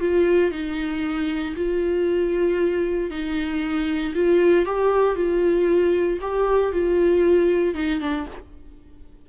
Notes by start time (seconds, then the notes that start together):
0.00 F4
0.51 D#4
1.56 F4
3.10 D#4
4.15 F4
4.66 G4
5.16 F4
6.21 G4
6.72 F4
7.74 D#4
8.01 D4